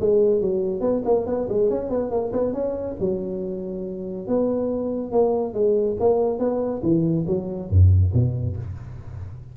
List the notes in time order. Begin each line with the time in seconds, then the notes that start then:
0.00 G#3
0.41 F#3
0.81 B3
1.05 A#3
1.26 B3
1.49 G#3
1.70 C#4
1.89 B3
2.11 A#3
2.33 B3
2.53 C#4
3.00 F#3
4.27 B3
5.12 A#3
5.54 G#3
6.00 A#3
6.39 B3
6.83 E3
7.27 F#3
7.70 F#2
8.14 B2